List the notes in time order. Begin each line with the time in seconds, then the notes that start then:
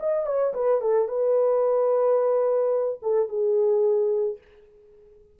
0.00 D#5
0.26 C#5
0.54 B4
0.81 A4
1.08 B4
3.02 A4
3.29 G#4